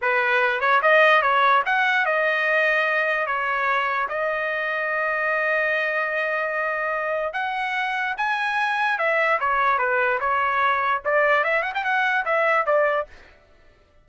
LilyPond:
\new Staff \with { instrumentName = "trumpet" } { \time 4/4 \tempo 4 = 147 b'4. cis''8 dis''4 cis''4 | fis''4 dis''2. | cis''2 dis''2~ | dis''1~ |
dis''2 fis''2 | gis''2 e''4 cis''4 | b'4 cis''2 d''4 | e''8 fis''16 g''16 fis''4 e''4 d''4 | }